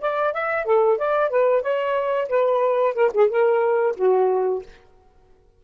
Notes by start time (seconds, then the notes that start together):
0.00 D5
0.33 E5
0.65 A4
0.97 D5
1.29 B4
1.62 C#5
2.28 B4
2.94 A#4
3.13 G#4
3.29 A#4
3.96 F#4